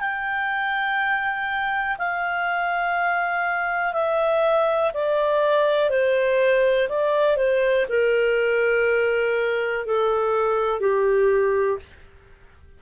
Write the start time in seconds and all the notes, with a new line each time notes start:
0.00 G5
1.98 F5
3.93 E5
4.94 D5
5.90 C5
6.89 D5
7.36 C5
7.89 A#4
9.85 A4
10.80 G4